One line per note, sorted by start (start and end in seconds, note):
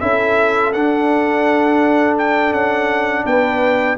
0.00 0.74 C#4
0.00 0.73 E4
0.00 3.26 A4
0.00 0.72 E5
0.73 2.52 D4
0.73 3.98 D4
0.73 2.17 F#5
2.18 2.53 G5
2.52 3.24 C#4
2.52 3.25 F#5
3.25 3.98 B3
3.25 3.98 B4
3.25 3.98 G5